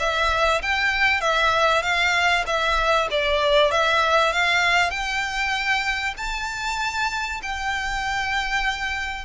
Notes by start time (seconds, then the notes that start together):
0.00 E5
0.62 G5
1.21 E5
1.83 F5
2.47 E5
3.11 D5
3.71 E5
4.32 F5
4.91 G5
6.17 A5
7.43 G5